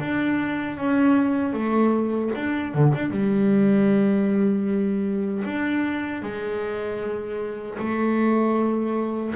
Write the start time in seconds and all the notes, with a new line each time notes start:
0.00 D4
0.77 C#4
1.53 A3
2.35 D4
2.74 D3
2.94 D4
3.11 G3
5.45 D4
6.22 G#3
7.79 A3